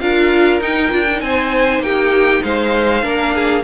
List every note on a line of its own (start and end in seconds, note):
0.00 0.61 D4
0.00 0.61 F4
0.00 1.23 A#4
0.00 0.61 F5
0.61 0.91 D#4
0.61 0.90 D#4
0.61 1.21 G5
0.90 1.22 D4
0.90 1.05 F4
1.11 3.03 D#4
1.21 1.79 C4
1.21 1.84 C5
1.21 1.81 G#5
1.79 2.40 A#3
1.79 2.43 G4
1.79 2.43 G5
2.43 3.03 G#3
2.43 3.04 C5
2.43 3.64 F5
3.03 3.63 A#3
3.03 3.63 D4
3.03 3.34 A#4
3.35 3.64 G#4